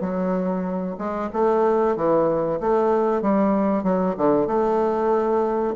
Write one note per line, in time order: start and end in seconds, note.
0.00 0.96 F#3
0.97 1.29 G#3
1.32 1.96 A3
1.96 2.59 E3
2.60 3.21 A3
3.21 3.83 G3
3.83 4.15 F#3
4.17 4.47 D3
4.47 5.74 A3